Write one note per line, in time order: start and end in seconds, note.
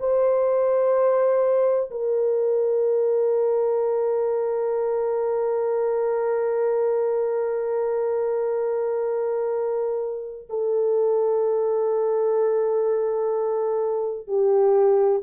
0.00 1.90 C5
1.91 10.48 A#4
10.50 14.28 A4
14.28 15.23 G4